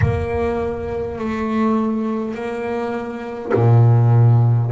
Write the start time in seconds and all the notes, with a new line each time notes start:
0.01 A#3
1.18 A3
2.34 A#3
3.54 A#2